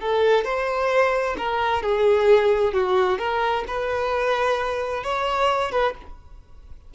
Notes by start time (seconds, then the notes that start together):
0.00 A4
0.44 C5
1.38 A#4
1.82 G#4
2.74 F#4
3.19 A#4
3.68 B4
5.04 C#5
5.71 B4